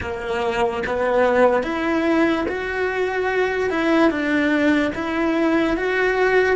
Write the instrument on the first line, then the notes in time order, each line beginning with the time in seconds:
cello
0.00 A#3
0.86 B3
1.63 E4
2.48 F#4
3.70 E4
4.10 D4
4.95 E4
5.76 F#4